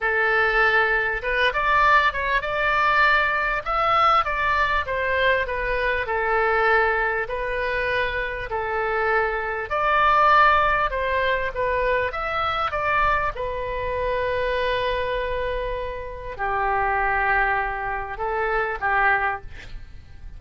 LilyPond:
\new Staff \with { instrumentName = "oboe" } { \time 4/4 \tempo 4 = 99 a'2 b'8 d''4 cis''8 | d''2 e''4 d''4 | c''4 b'4 a'2 | b'2 a'2 |
d''2 c''4 b'4 | e''4 d''4 b'2~ | b'2. g'4~ | g'2 a'4 g'4 | }